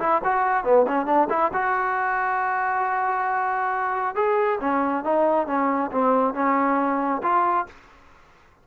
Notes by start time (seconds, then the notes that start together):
0.00 E4
0.24 F#4
0.64 B3
0.88 C#4
1.06 D4
1.30 E4
1.53 F#4
4.15 G#4
4.61 C#4
5.04 D#4
5.47 C#4
5.92 C4
6.34 C#4
7.23 F4